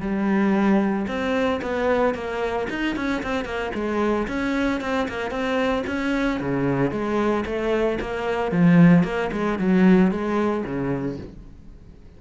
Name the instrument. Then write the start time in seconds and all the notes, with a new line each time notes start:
cello
0.00 G3
1.07 C4
1.61 B3
2.14 A#3
2.69 D#4
2.96 C#4
3.22 C4
3.44 A#3
3.74 G#3
4.27 C#4
4.81 C4
5.08 A#3
5.30 C4
5.86 C#4
6.40 C#3
6.91 G#3
7.45 A3
8.00 A#3
8.51 F3
9.03 A#3
9.32 G#3
9.58 F#3
10.11 G#3
10.64 C#3